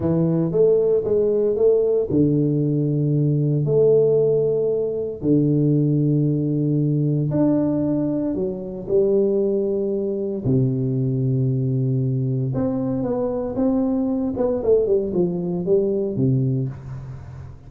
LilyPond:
\new Staff \with { instrumentName = "tuba" } { \time 4/4 \tempo 4 = 115 e4 a4 gis4 a4 | d2. a4~ | a2 d2~ | d2 d'2 |
fis4 g2. | c1 | c'4 b4 c'4. b8 | a8 g8 f4 g4 c4 | }